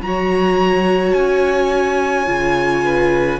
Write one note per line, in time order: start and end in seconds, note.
0.00 1.13 F#3
0.00 2.26 F#4
0.00 1.13 A#5
0.07 2.84 C#5
1.13 2.27 C#4
1.13 3.40 G#5
2.26 3.40 C#3
2.26 3.40 F4
2.84 3.40 B4